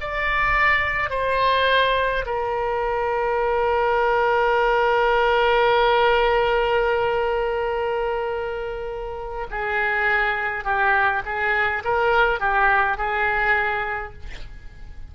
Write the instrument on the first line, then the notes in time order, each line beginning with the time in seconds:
oboe
0.00 D5
1.10 C5
2.26 A#4
9.50 G#4
10.64 G4
11.25 G#4
11.84 A#4
12.39 G4
12.97 G#4